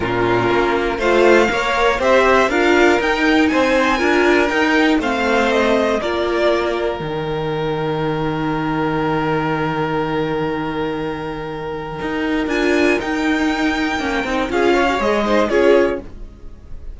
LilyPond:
<<
  \new Staff \with { instrumentName = "violin" } { \time 4/4 \tempo 4 = 120 ais'2 f''2 | e''4 f''4 g''4 gis''4~ | gis''4 g''4 f''4 dis''4 | d''2 g''2~ |
g''1~ | g''1~ | g''4 gis''4 g''2~ | g''4 f''4 dis''4 cis''4 | }
  \new Staff \with { instrumentName = "violin" } { \time 4/4 f'2 c''4 cis''4 | c''4 ais'2 c''4 | ais'2 c''2 | ais'1~ |
ais'1~ | ais'1~ | ais'1~ | ais'4 gis'8 cis''4 c''8 gis'4 | }
  \new Staff \with { instrumentName = "viola" } { \time 4/4 cis'2 f'4 ais'4 | g'4 f'4 dis'2 | f'4 dis'4 c'2 | f'2 dis'2~ |
dis'1~ | dis'1~ | dis'4 f'4 dis'2 | cis'8 dis'8 f'8. fis'16 gis'8 dis'8 f'4 | }
  \new Staff \with { instrumentName = "cello" } { \time 4/4 ais,4 ais4 a4 ais4 | c'4 d'4 dis'4 c'4 | d'4 dis'4 a2 | ais2 dis2~ |
dis1~ | dis1 | dis'4 d'4 dis'2 | ais8 c'8 cis'4 gis4 cis'4 | }
>>